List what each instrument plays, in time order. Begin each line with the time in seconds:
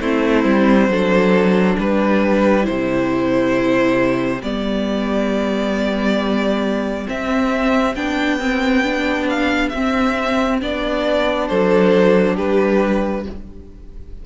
0.00 cello A3, viola C4, violin E4 C5
0.44 cello G3
0.88 cello F#3, viola D4, violin A4
1.78 cello G3, violin G4 B4
2.62 viola E4, violin C5
2.69 cello C3
4.43 cello G3, viola B3, violin D5
7.06 viola C4, cello C4, violin E5
7.95 cello B3, viola D4, violin G5
8.40 viola C4
8.84 viola D4
9.29 violin F5
9.69 cello C4, viola C4, violin E5
10.61 cello B3, viola D4, violin D5
11.48 cello F#3, violin A4 C5
12.35 cello G3, violin G4 B4